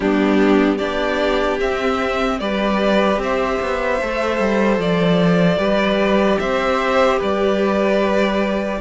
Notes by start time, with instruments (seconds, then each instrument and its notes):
0.00 cello G3, viola B3, violin D4 G4
0.77 cello B3, viola D4, violin G4 D5
1.59 viola C4, cello C4, violin E5
2.39 cello G3, viola G4, violin B4 D5
3.17 cello C4, violin C5 E5
3.61 cello B3
4.01 cello A3, viola A4
4.39 cello G3
4.78 cello F3, violin D5
5.57 cello G3, viola G4, violin B4
6.39 cello C4, violin C5 E5
7.18 cello G3, violin B4 D5